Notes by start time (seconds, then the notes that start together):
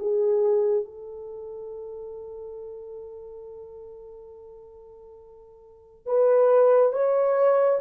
0.00 G#4
0.85 A4
6.07 B4
6.93 C#5